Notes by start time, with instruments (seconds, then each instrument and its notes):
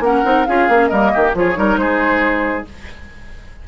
0.00 bassoon A#3, clarinet C#4, oboe A#4, flute F#5
0.24 bassoon C4, clarinet D#4
0.45 bassoon C#4, clarinet F4, oboe G#4, flute F5
0.68 bassoon A#3, clarinet C#4
0.88 bassoon G3, clarinet A#3, oboe A#4, flute D#5
1.13 bassoon D#3, oboe G4
1.34 bassoon F3, clarinet F4, oboe G#4, flute C#5
1.55 bassoon G3, clarinet D#4, oboe A#4
1.77 bassoon G#3, oboe G#4, flute C5